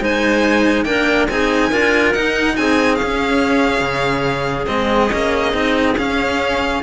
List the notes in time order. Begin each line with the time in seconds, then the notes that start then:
0.00 G#3 D#4 C5 G#5
0.84 A#3 D4 A#4 G5
1.29 C4 D#4 G#4 G#5
1.70 D4 F4 A#4
2.13 D#4 F#5
2.56 C4 G#4 G#5
2.95 C#4 F5
3.02 C#4
3.80 C#3
4.66 G#3 C4 D#5
5.10 A#3 C#4
5.52 C4 D#4
5.98 C#4 F5